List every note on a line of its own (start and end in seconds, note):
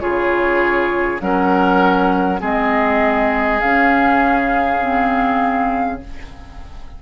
0.00 1.21 C#3
0.00 1.19 F4
0.00 1.22 G#4
0.00 1.20 C#5
1.19 2.41 F#3
1.19 2.39 C#4
1.19 2.41 A#4
1.19 2.41 F#5
2.40 3.62 G#3
2.40 3.60 C4
2.40 6.00 G#4
2.40 3.60 D#5
3.60 6.02 C#3
3.60 4.81 C#4
3.60 6.00 F5
4.81 6.01 C4